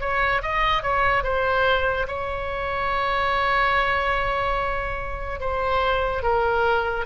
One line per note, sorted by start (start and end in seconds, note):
0.00 0.42 C#5
0.42 0.83 D#5
0.83 1.23 C#5
1.23 2.06 C5
2.07 5.40 C#5
5.40 6.22 C5
6.22 7.05 A#4